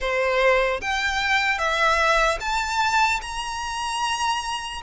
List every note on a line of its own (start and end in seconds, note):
0.00 0.80 C5
0.81 1.58 G5
1.58 2.38 E5
2.40 3.20 A5
3.21 4.81 A#5